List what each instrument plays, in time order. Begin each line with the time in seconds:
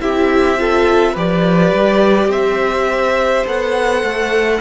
0.00 cello C4, viola E4, violin G4 E5
0.58 viola F4, violin A4
1.13 cello F3, viola G4, violin B4 D5
1.73 cello G3
2.27 cello C4, violin C5 E5
3.46 cello B3, viola A4, violin F#5
4.03 cello A3